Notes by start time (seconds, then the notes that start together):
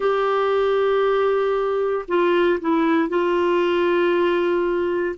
0.00 G4
2.08 F4
2.60 E4
3.08 F4